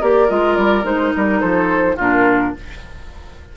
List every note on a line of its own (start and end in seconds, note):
0.00 0.30 A#3
0.00 0.28 G4
0.00 1.40 A#4
0.00 0.29 D5
0.28 0.57 G#3
0.28 0.83 F4
0.28 0.56 D#5
0.56 0.84 G3
0.56 0.84 D5
0.83 1.12 G#3
0.83 1.96 D#4
0.83 1.13 C5
1.15 1.42 G3
1.15 1.40 A#4
1.40 1.98 F3
1.40 1.96 A4
1.40 1.97 C5
1.96 2.54 A#2
1.96 2.56 D4
1.96 2.52 F4
1.96 2.56 A#4